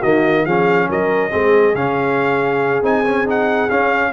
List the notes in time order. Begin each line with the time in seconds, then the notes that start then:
0.00 D#3 A#3 F#4 D#5
0.45 F3 C#4 G#4 F5
0.88 F#3 A#4 D#5
1.30 G#3 C4 G#4
1.74 C#3 C#4 F5
2.82 C4 D#4 G#5
3.04 C#4
3.25 D#4 F#5
3.69 C#4 F5